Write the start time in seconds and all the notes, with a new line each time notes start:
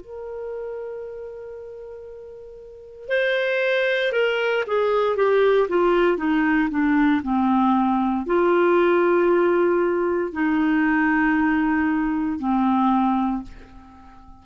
0.00 A#4
3.08 C5
4.12 A#4
4.67 G#4
5.16 G4
5.68 F4
6.17 D#4
6.70 D4
7.23 C4
8.26 F4
10.33 D#4
12.39 C4